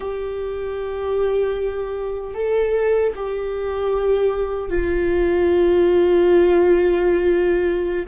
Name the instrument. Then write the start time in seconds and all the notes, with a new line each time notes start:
viola
0.00 G4
2.34 A4
3.15 G4
4.69 F4